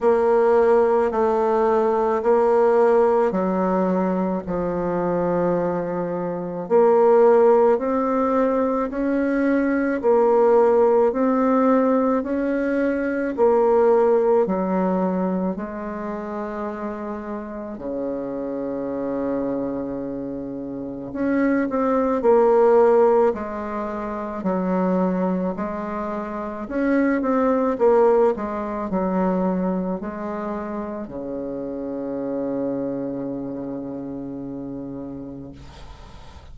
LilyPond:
\new Staff \with { instrumentName = "bassoon" } { \time 4/4 \tempo 4 = 54 ais4 a4 ais4 fis4 | f2 ais4 c'4 | cis'4 ais4 c'4 cis'4 | ais4 fis4 gis2 |
cis2. cis'8 c'8 | ais4 gis4 fis4 gis4 | cis'8 c'8 ais8 gis8 fis4 gis4 | cis1 | }